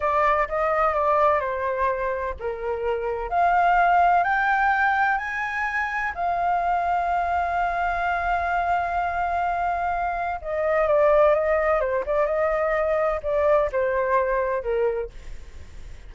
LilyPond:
\new Staff \with { instrumentName = "flute" } { \time 4/4 \tempo 4 = 127 d''4 dis''4 d''4 c''4~ | c''4 ais'2 f''4~ | f''4 g''2 gis''4~ | gis''4 f''2.~ |
f''1~ | f''2 dis''4 d''4 | dis''4 c''8 d''8 dis''2 | d''4 c''2 ais'4 | }